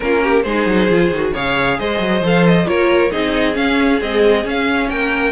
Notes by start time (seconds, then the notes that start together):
0.00 A#3 C#4 F4 A#4
0.23 G4
0.42 G#3 D#4 G#4 C5
0.66 F#3
0.88 F3 F4
1.10 D#3 F#4
1.33 C#3 G#4 C#5 F5
1.78 G#3 C5 D#5
1.99 F#3
2.21 F3 A4 F5
2.46 D#5
2.65 A#3 F4 A#4 C#5
3.11 C4 D#4 G#4 D#5
3.53 C#4 F5
4.00 G#3 C4 D#5
4.43 C#4 F5
4.89 A#3 A#4 G5